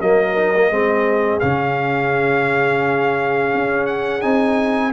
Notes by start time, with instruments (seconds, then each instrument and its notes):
0.00 tuba F#3, trombone A#3, horn A#4, trumpet D#5
0.36 trombone D#4
0.55 trombone A#3
0.70 tuba G#3, trombone C4, horn G#4
1.40 tuba C#3, trombone C#4, trumpet F5
3.54 tuba C#4
3.87 trumpet F#5
4.21 tuba C4, trombone D#4, trumpet G#5